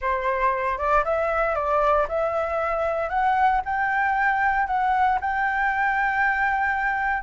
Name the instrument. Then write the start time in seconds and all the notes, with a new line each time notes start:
flute
0.01 C5
0.78 D5
1.04 E5
1.55 D5
2.08 E5
3.09 F#5
3.65 G5
4.66 F#5
5.21 G5